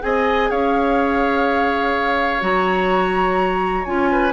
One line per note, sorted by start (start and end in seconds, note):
0.00 0.51 C4
0.00 2.40 G#4
0.00 0.50 D#5
0.00 0.50 G#5
0.50 2.41 C#4
0.50 4.10 C#5
0.50 2.42 F5
2.40 3.85 F#3
2.40 3.84 F#4
2.40 3.84 A#5
3.84 4.33 C#4
3.84 4.33 F4
3.84 4.32 G#5
4.11 4.33 B4